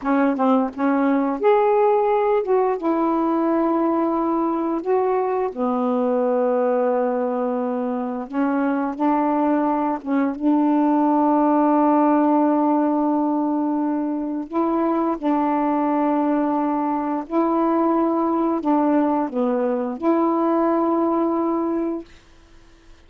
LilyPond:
\new Staff \with { instrumentName = "saxophone" } { \time 4/4 \tempo 4 = 87 cis'8 c'8 cis'4 gis'4. fis'8 | e'2. fis'4 | b1 | cis'4 d'4. cis'8 d'4~ |
d'1~ | d'4 e'4 d'2~ | d'4 e'2 d'4 | b4 e'2. | }